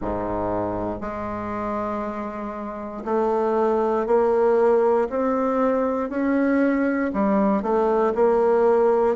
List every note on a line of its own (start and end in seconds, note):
0.00 1.00 G#2
1.00 3.04 G#3
3.05 4.06 A3
4.06 5.08 A#3
5.09 6.09 C4
6.09 7.11 C#4
7.13 7.62 G3
7.62 8.13 A3
8.14 9.15 A#3